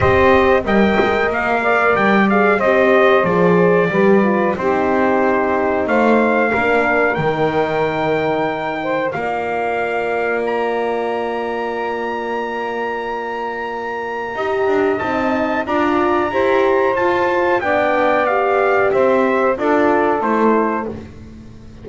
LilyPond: <<
  \new Staff \with { instrumentName = "trumpet" } { \time 4/4 \tempo 4 = 92 dis''4 g''4 f''4 g''8 f''8 | dis''4 d''2 c''4~ | c''4 f''2 g''4~ | g''2 f''2 |
ais''1~ | ais''2. a''4 | ais''2 a''4 g''4 | f''4 e''4 d''4 c''4 | }
  \new Staff \with { instrumentName = "saxophone" } { \time 4/4 c''4 dis''4. d''4. | c''2 b'4 g'4~ | g'4 c''4 ais'2~ | ais'4. c''8 d''2~ |
d''1~ | d''2 dis''2 | d''4 c''2 d''4~ | d''4 c''4 a'2 | }
  \new Staff \with { instrumentName = "horn" } { \time 4/4 g'4 ais'2~ ais'8 gis'8 | g'4 gis'4 g'8 f'8 dis'4~ | dis'2 d'4 dis'4~ | dis'2 f'2~ |
f'1~ | f'2 g'4 dis'4 | f'4 g'4 f'4 d'4 | g'2 f'4 e'4 | }
  \new Staff \with { instrumentName = "double bass" } { \time 4/4 c'4 g8 gis8 ais4 g4 | c'4 f4 g4 c'4~ | c'4 a4 ais4 dis4~ | dis2 ais2~ |
ais1~ | ais2 dis'8 d'8 c'4 | d'4 e'4 f'4 b4~ | b4 c'4 d'4 a4 | }
>>